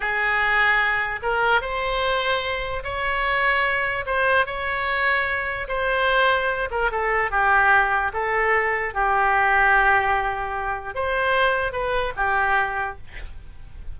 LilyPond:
\new Staff \with { instrumentName = "oboe" } { \time 4/4 \tempo 4 = 148 gis'2. ais'4 | c''2. cis''4~ | cis''2 c''4 cis''4~ | cis''2 c''2~ |
c''8 ais'8 a'4 g'2 | a'2 g'2~ | g'2. c''4~ | c''4 b'4 g'2 | }